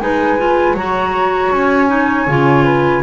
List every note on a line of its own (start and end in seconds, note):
0.00 0.74 G#3
0.00 0.39 D#4
0.00 0.75 B4
0.00 0.76 G#5
0.39 0.77 F4
0.74 1.50 F#3
0.74 1.89 F#4
0.74 2.65 C#5
0.74 1.53 A#5
1.52 2.28 C#4
1.52 3.03 G#5
1.89 2.27 D#4
2.28 3.03 C#3
2.28 3.03 F4
2.65 3.03 B4